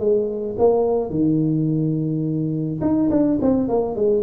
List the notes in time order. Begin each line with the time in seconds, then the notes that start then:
0.00 G#3
0.59 A#3
1.10 D#3
2.81 D#4
3.11 D4
3.42 C4
3.69 A#3
3.96 G#3